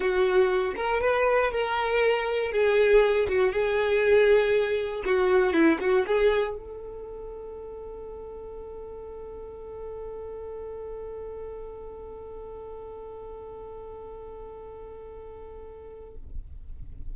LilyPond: \new Staff \with { instrumentName = "violin" } { \time 4/4 \tempo 4 = 119 fis'4. ais'8 b'4 ais'4~ | ais'4 gis'4. fis'8 gis'4~ | gis'2 fis'4 e'8 fis'8 | gis'4 a'2.~ |
a'1~ | a'1~ | a'1~ | a'1 | }